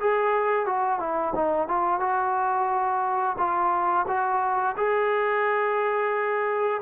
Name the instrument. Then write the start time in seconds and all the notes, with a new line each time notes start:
trombone
0.00 G#4
0.66 F#4
0.99 E4
1.35 D#4
1.68 F4
2.00 F#4
3.38 F4
4.08 F#4
4.77 G#4